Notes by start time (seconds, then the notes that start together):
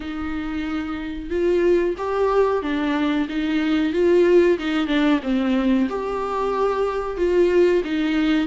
0.00 D#4
1.30 F4
1.97 G4
2.62 D4
3.28 D#4
3.92 F4
4.58 D#4
4.87 D4
5.22 C4
5.89 G4
7.17 F4
7.84 D#4